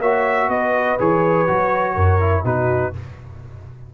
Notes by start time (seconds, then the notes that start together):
0.00 A#3 F#4 C#5 E5
0.49 B3 B4 D#5
0.99 E3 G#4 C#5
1.48 F#3 F#4
1.96 F#2 A#4
2.20 E4
2.45 B2 D#4 F#4 B4